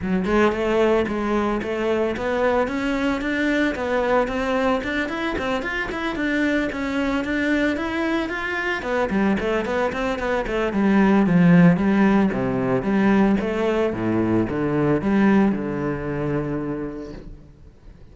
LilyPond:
\new Staff \with { instrumentName = "cello" } { \time 4/4 \tempo 4 = 112 fis8 gis8 a4 gis4 a4 | b4 cis'4 d'4 b4 | c'4 d'8 e'8 c'8 f'8 e'8 d'8~ | d'8 cis'4 d'4 e'4 f'8~ |
f'8 b8 g8 a8 b8 c'8 b8 a8 | g4 f4 g4 c4 | g4 a4 a,4 d4 | g4 d2. | }